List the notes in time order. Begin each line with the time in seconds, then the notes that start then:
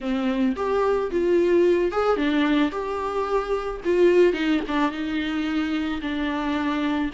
0.00 C4
0.56 G4
1.11 F4
1.91 G#4
2.16 D4
2.71 G4
3.85 F4
4.33 D#4
4.67 D4
4.91 D#4
6.01 D4